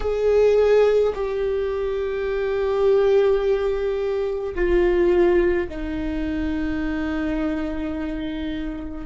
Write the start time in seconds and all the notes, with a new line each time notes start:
0.00 G#4
1.14 G4
4.54 F4
5.69 D#4